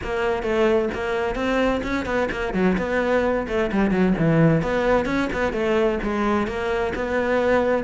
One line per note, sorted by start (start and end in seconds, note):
0.03 0.42 A#3
0.42 0.88 A3
0.93 1.35 A#3
1.35 1.81 C4
1.83 2.05 C#4
2.05 2.28 B3
2.31 2.53 A#3
2.53 2.77 F#3
2.77 3.46 B3
3.47 3.70 A3
3.72 3.90 G3
3.90 4.13 F#3
4.18 4.62 E3
4.62 5.05 B3
5.05 5.28 C#4
5.33 5.52 B3
5.52 5.99 A3
6.03 6.47 G#3
6.47 6.93 A#3
6.95 7.84 B3